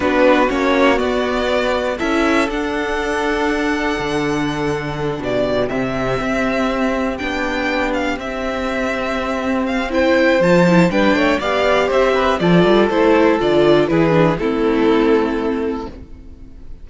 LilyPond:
<<
  \new Staff \with { instrumentName = "violin" } { \time 4/4 \tempo 4 = 121 b'4 cis''4 d''2 | e''4 fis''2.~ | fis''2~ fis''8 d''4 e''8~ | e''2~ e''8 g''4. |
f''8 e''2. f''8 | g''4 a''4 g''4 f''4 | e''4 d''4 c''4 d''4 | b'4 a'2. | }
  \new Staff \with { instrumentName = "violin" } { \time 4/4 fis'1 | a'1~ | a'2~ a'8 g'4.~ | g'1~ |
g'1 | c''2 b'8 cis''8 d''4 | c''8 b'8 a'2. | gis'4 e'2. | }
  \new Staff \with { instrumentName = "viola" } { \time 4/4 d'4 cis'4 b2 | e'4 d'2.~ | d'2.~ d'8 c'8~ | c'2~ c'8 d'4.~ |
d'8 c'2.~ c'8 | e'4 f'8 e'8 d'4 g'4~ | g'4 f'4 e'4 f'4 | e'8 d'8 c'2. | }
  \new Staff \with { instrumentName = "cello" } { \time 4/4 b4 ais4 b2 | cis'4 d'2. | d2~ d8 b,4 c8~ | c8 c'2 b4.~ |
b8 c'2.~ c'8~ | c'4 f4 g8 a8 b4 | c'4 f8 g8 a4 d4 | e4 a2. | }
>>